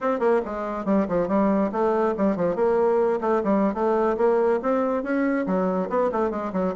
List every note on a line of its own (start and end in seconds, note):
0.00 0.19 C4
0.19 0.41 A#3
0.45 0.85 G#3
0.85 1.06 G3
1.08 1.28 F3
1.28 1.70 G3
1.72 2.14 A3
2.17 2.36 G3
2.36 2.55 F3
2.55 3.20 A#3
3.20 3.42 A3
3.43 3.73 G3
3.73 4.16 A3
4.17 4.60 A#3
4.62 5.03 C4
5.03 5.46 C#4
5.46 5.89 F#3
5.89 6.11 B3
6.12 6.30 A3
6.30 6.51 G#3
6.52 6.74 F#3